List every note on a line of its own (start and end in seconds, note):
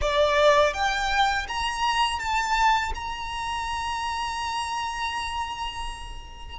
0.01 0.73 D5
0.73 1.46 G5
1.48 2.19 A#5
2.19 2.92 A5
2.94 6.59 A#5